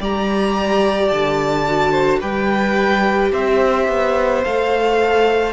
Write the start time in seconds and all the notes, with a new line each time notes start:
0.00 G3 G4 D5 A#5
1.08 D3 A5
1.67 F#4
1.91 C5
2.20 G3 G4 B4 G5
3.32 C4 C5 E5
3.87 B3
4.44 A3 A4 F5